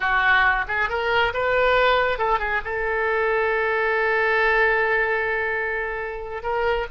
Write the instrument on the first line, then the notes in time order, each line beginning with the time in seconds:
oboe
0.00 F#4
0.68 G#4
0.89 A#4
1.33 B4
2.18 A4
2.39 G#4
2.64 A4
6.42 A#4